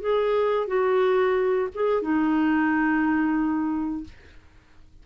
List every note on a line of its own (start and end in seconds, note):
0.00 0.67 G#4
0.67 1.68 F#4
1.74 2.02 G#4
2.02 4.04 D#4